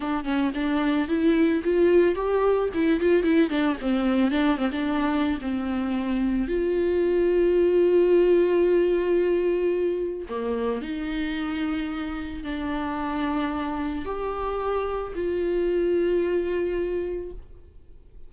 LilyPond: \new Staff \with { instrumentName = "viola" } { \time 4/4 \tempo 4 = 111 d'8 cis'8 d'4 e'4 f'4 | g'4 e'8 f'8 e'8 d'8 c'4 | d'8 c'16 d'4~ d'16 c'2 | f'1~ |
f'2. ais4 | dis'2. d'4~ | d'2 g'2 | f'1 | }